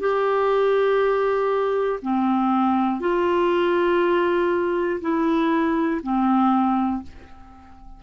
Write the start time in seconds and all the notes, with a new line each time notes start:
0.00 G4
2.03 C4
3.00 F4
5.01 E4
6.03 C4